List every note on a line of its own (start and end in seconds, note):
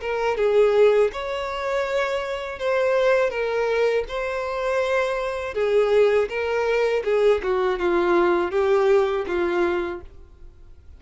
0.00 0.37 A#4
0.37 1.11 G#4
1.12 2.59 C#5
2.59 3.30 C5
3.30 4.04 A#4
4.08 5.54 C5
5.54 6.28 G#4
6.29 7.03 A#4
7.04 7.41 G#4
7.42 7.78 F#4
7.78 8.51 F4
8.51 9.25 G4
9.27 10.01 F4